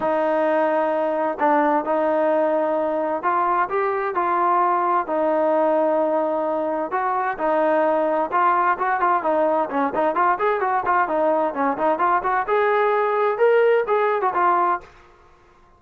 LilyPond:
\new Staff \with { instrumentName = "trombone" } { \time 4/4 \tempo 4 = 130 dis'2. d'4 | dis'2. f'4 | g'4 f'2 dis'4~ | dis'2. fis'4 |
dis'2 f'4 fis'8 f'8 | dis'4 cis'8 dis'8 f'8 gis'8 fis'8 f'8 | dis'4 cis'8 dis'8 f'8 fis'8 gis'4~ | gis'4 ais'4 gis'8. fis'16 f'4 | }